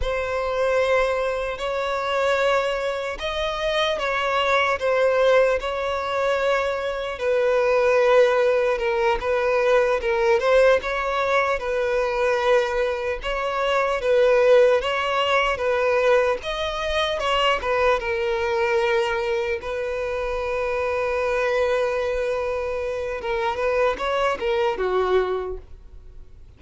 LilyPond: \new Staff \with { instrumentName = "violin" } { \time 4/4 \tempo 4 = 75 c''2 cis''2 | dis''4 cis''4 c''4 cis''4~ | cis''4 b'2 ais'8 b'8~ | b'8 ais'8 c''8 cis''4 b'4.~ |
b'8 cis''4 b'4 cis''4 b'8~ | b'8 dis''4 cis''8 b'8 ais'4.~ | ais'8 b'2.~ b'8~ | b'4 ais'8 b'8 cis''8 ais'8 fis'4 | }